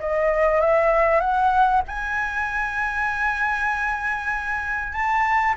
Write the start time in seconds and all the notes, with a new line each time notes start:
0.00 D#5
0.61 E5
1.21 F#5
1.88 G#5
4.93 A5